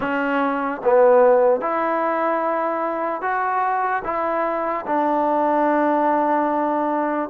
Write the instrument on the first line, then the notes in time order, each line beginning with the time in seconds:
trombone
0.00 C#4
0.83 B3
1.60 E4
3.21 F#4
4.04 E4
4.86 D4